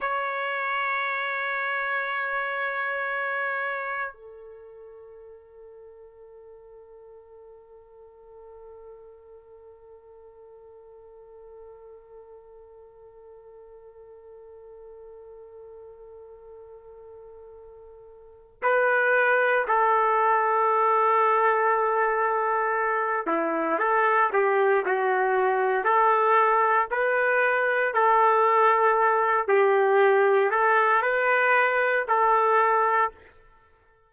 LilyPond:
\new Staff \with { instrumentName = "trumpet" } { \time 4/4 \tempo 4 = 58 cis''1 | a'1~ | a'1~ | a'1~ |
a'2 b'4 a'4~ | a'2~ a'8 e'8 a'8 g'8 | fis'4 a'4 b'4 a'4~ | a'8 g'4 a'8 b'4 a'4 | }